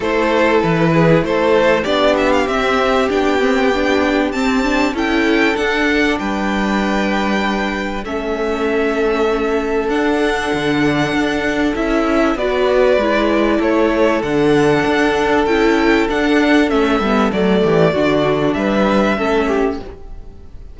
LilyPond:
<<
  \new Staff \with { instrumentName = "violin" } { \time 4/4 \tempo 4 = 97 c''4 b'4 c''4 d''8 e''16 f''16 | e''4 g''2 a''4 | g''4 fis''4 g''2~ | g''4 e''2. |
fis''2. e''4 | d''2 cis''4 fis''4~ | fis''4 g''4 fis''4 e''4 | d''2 e''2 | }
  \new Staff \with { instrumentName = "violin" } { \time 4/4 a'4. gis'8 a'4 g'4~ | g'1 | a'2 b'2~ | b'4 a'2.~ |
a'1 | b'2 a'2~ | a'1~ | a'8 g'8 fis'4 b'4 a'8 g'8 | }
  \new Staff \with { instrumentName = "viola" } { \time 4/4 e'2. d'4 | c'4 d'8 c'8 d'4 c'8 d'8 | e'4 d'2.~ | d'4 cis'2. |
d'2. e'4 | fis'4 e'2 d'4~ | d'4 e'4 d'4 cis'8 b8 | a4 d'2 cis'4 | }
  \new Staff \with { instrumentName = "cello" } { \time 4/4 a4 e4 a4 b4 | c'4 b2 c'4 | cis'4 d'4 g2~ | g4 a2. |
d'4 d4 d'4 cis'4 | b4 gis4 a4 d4 | d'4 cis'4 d'4 a8 g8 | fis8 e8 d4 g4 a4 | }
>>